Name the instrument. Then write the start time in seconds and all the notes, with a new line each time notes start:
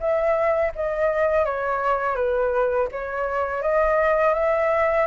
flute
0.00 E5
0.75 D#5
1.46 C#5
2.16 B4
2.92 C#5
3.62 D#5
4.34 E5